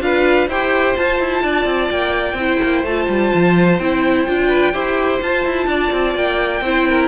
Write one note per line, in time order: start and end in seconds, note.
0.00 0.47 D4
0.00 0.47 F4
0.00 0.48 B4
0.00 0.49 F5
0.47 0.94 E4
0.47 0.95 G4
0.47 1.42 C5
0.47 0.96 G5
0.95 2.37 F4
0.95 1.19 F4
0.95 1.91 A5
1.19 1.43 E4
1.42 1.65 D4
1.42 2.37 D5
1.65 1.89 C4
1.90 2.33 A#3
1.90 2.84 G5
2.33 2.57 C4
2.33 2.86 E4
2.40 4.48 C5
2.63 2.83 A#3
2.83 3.07 A3
2.83 3.80 F4
2.83 3.79 A5
3.08 3.32 G3
3.34 3.79 F3
3.79 4.26 C4
3.79 4.27 E4
3.79 5.20 G5
4.27 4.74 D4
4.27 4.73 F4
4.48 4.71 B4
4.73 5.21 E4
4.73 5.20 G4
4.73 5.67 C5
5.20 6.62 F4
5.20 5.45 F4
5.20 6.16 A5
5.45 5.66 E4
5.66 5.90 D4
5.66 6.63 D5
5.92 6.15 C4
6.15 6.61 A#3
6.15 7.08 G5
6.61 7.08 C4
6.61 7.08 E4
6.61 6.88 C5
6.88 7.08 A#4